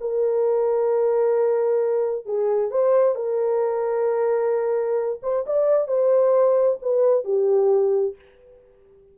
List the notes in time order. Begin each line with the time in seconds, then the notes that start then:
0.00 A#4
2.25 G#4
2.70 C5
3.15 A#4
5.22 C5
5.46 D5
5.87 C5
6.82 B4
7.24 G4